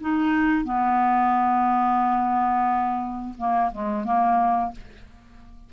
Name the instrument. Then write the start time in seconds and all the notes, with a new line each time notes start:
clarinet
0.00 D#4
0.64 B3
3.37 A#3
3.71 G#3
4.04 A#3